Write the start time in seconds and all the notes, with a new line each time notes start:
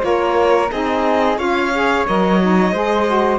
0.00 A#3 F4 A#4 C#5
0.72 C4 D#4 G#4 D#5
1.37 C#4 F4 C#5 F5
1.74 G#4
2.07 F#3 A#4 D#5
2.41 D#4
2.72 G#3 G#4 C5
3.07 F#4